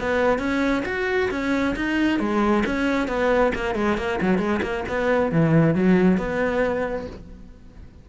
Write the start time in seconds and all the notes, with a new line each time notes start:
0.00 B3
0.38 C#4
0.85 F#4
1.30 C#4
1.75 D#4
2.19 G#3
2.65 C#4
3.07 B3
3.55 A#3
3.75 G#3
3.97 A#3
4.21 F#3
4.38 G#3
4.62 A#3
4.88 B3
5.31 E3
5.74 F#3
6.17 B3